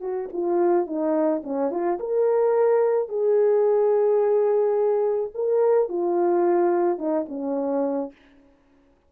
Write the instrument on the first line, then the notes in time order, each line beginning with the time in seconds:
horn
0.00 F#4
0.32 F4
0.86 D#4
1.43 C#4
1.70 F4
1.99 A#4
3.08 G#4
5.34 A#4
5.88 F4
6.98 D#4
7.28 C#4